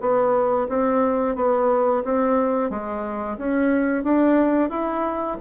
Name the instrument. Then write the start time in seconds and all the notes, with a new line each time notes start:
bassoon
0.00 B3
0.69 C4
1.35 B3
2.04 C4
2.70 G#3
3.37 C#4
4.03 D4
4.69 E4